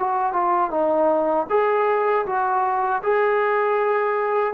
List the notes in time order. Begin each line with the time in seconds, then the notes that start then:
0.00 F#4
0.33 F4
0.71 D#4
1.50 G#4
2.27 F#4
3.03 G#4